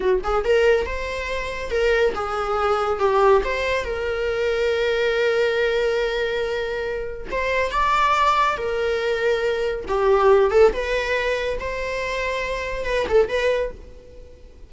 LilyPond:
\new Staff \with { instrumentName = "viola" } { \time 4/4 \tempo 4 = 140 fis'8 gis'8 ais'4 c''2 | ais'4 gis'2 g'4 | c''4 ais'2.~ | ais'1~ |
ais'4 c''4 d''2 | ais'2. g'4~ | g'8 a'8 b'2 c''4~ | c''2 b'8 a'8 b'4 | }